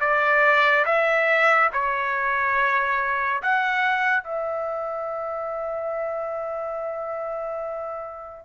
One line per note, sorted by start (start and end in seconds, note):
0.00 0.85 D5
0.85 1.70 E5
1.72 3.41 C#5
3.42 4.23 F#5
4.23 8.44 E5